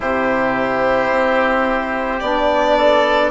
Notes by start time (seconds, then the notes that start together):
0.00 C3 E4 G4 C5
1.10 C4
2.19 B3 D4 D5
2.77 A4